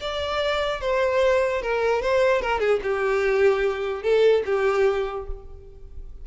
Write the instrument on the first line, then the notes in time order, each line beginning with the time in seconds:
violin
0.00 D5
0.80 C5
1.62 A#4
2.02 C5
2.41 A#4
2.60 G#4
2.82 G4
4.02 A4
4.45 G4